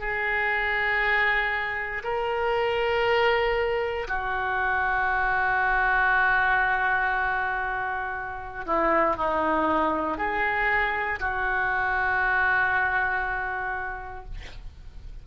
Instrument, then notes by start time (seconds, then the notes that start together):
oboe
0.00 G#4
2.04 A#4
4.08 F#4
8.66 E4
9.17 D#4
10.18 G#4
11.20 F#4